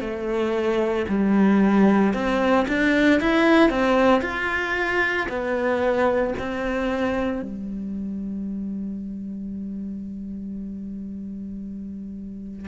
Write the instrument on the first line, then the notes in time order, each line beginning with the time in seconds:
cello
0.00 A3
1.08 G3
2.13 C4
2.67 D4
3.20 E4
3.69 C4
4.22 F4
5.29 B3
6.39 C4
7.42 G3